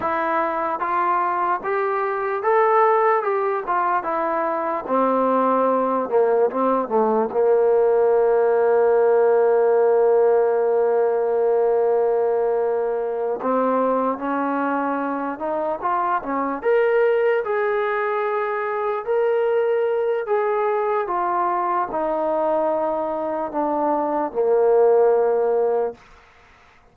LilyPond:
\new Staff \with { instrumentName = "trombone" } { \time 4/4 \tempo 4 = 74 e'4 f'4 g'4 a'4 | g'8 f'8 e'4 c'4. ais8 | c'8 a8 ais2.~ | ais1~ |
ais8 c'4 cis'4. dis'8 f'8 | cis'8 ais'4 gis'2 ais'8~ | ais'4 gis'4 f'4 dis'4~ | dis'4 d'4 ais2 | }